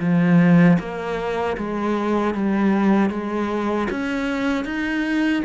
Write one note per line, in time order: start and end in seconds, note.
0.00 0.78 F3
0.79 1.57 A#3
1.57 2.34 G#3
2.34 3.10 G3
3.10 3.88 G#3
3.91 4.65 C#4
4.65 5.43 D#4